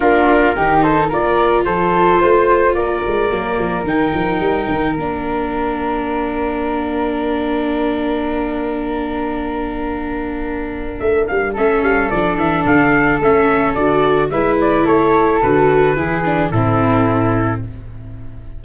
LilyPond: <<
  \new Staff \with { instrumentName = "trumpet" } { \time 4/4 \tempo 4 = 109 ais'4. c''8 d''4 c''4~ | c''4 d''2 g''4~ | g''4 f''2.~ | f''1~ |
f''1 | e''8 f''8 e''8 f''8 d''8 e''8 f''4 | e''4 d''4 e''8 d''8 cis''4 | b'2 a'2 | }
  \new Staff \with { instrumentName = "flute" } { \time 4/4 f'4 g'8 a'8 ais'4 a'4 | c''4 ais'2.~ | ais'1~ | ais'1~ |
ais'1~ | ais'4 a'2.~ | a'2 b'4 a'4~ | a'4 gis'4 e'2 | }
  \new Staff \with { instrumentName = "viola" } { \time 4/4 d'4 dis'4 f'2~ | f'2 ais4 dis'4~ | dis'4 d'2.~ | d'1~ |
d'1~ | d'4 cis'4 d'2 | cis'4 fis'4 e'2 | fis'4 e'8 d'8 c'2 | }
  \new Staff \with { instrumentName = "tuba" } { \time 4/4 ais4 dis4 ais4 f4 | a4 ais8 gis8 fis8 f8 dis8 f8 | g8 dis8 ais2.~ | ais1~ |
ais1 | a8 g8 a8 g8 f8 e8 d4 | a4 d4 gis4 a4 | d4 e4 a,2 | }
>>